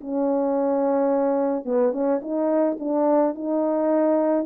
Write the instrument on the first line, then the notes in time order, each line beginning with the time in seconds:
horn
0.00 C#4
1.65 B3
1.92 C#4
2.21 D#4
2.79 D4
3.34 D#4